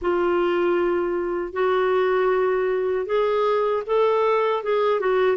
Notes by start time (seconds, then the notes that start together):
0.01 F4
1.52 F#4
3.06 G#4
3.86 A4
4.63 G#4
5.00 F#4